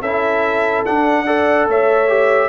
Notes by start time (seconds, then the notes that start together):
0.00 C#4 E4 A4 E5
0.85 D4 F#5
1.26 A4 D5
1.67 A3 C#5 E5
2.08 G4